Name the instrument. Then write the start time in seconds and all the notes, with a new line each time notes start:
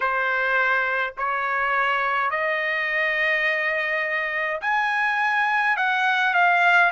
trumpet
0.00 C5
1.17 C#5
2.30 D#5
4.61 G#5
5.76 F#5
6.34 F5